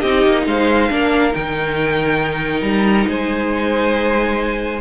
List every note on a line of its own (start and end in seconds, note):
0.00 0.25 C4
0.00 0.89 D#4
0.00 0.43 G4
0.00 0.44 D#5
0.26 0.46 A#3
0.46 0.89 G#3
0.46 0.91 C5
0.46 1.34 F5
0.89 1.34 A#3
0.89 1.32 D4
0.89 3.08 A#4
1.32 2.62 D#3
1.32 4.80 D#4
1.32 2.62 G5
2.62 3.05 G3
2.62 3.06 A#5
3.08 4.81 G#3
3.08 4.81 C5
3.08 4.81 G#5